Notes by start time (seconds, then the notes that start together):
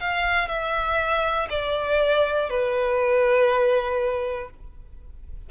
0.00 F5
0.48 E5
1.49 D5
2.49 B4